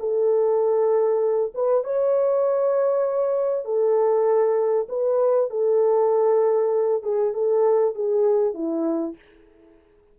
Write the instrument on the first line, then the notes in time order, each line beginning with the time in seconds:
horn
0.00 A4
1.55 B4
1.84 C#5
3.65 A4
4.89 B4
5.50 A4
7.03 G#4
7.34 A4
7.95 G#4
8.54 E4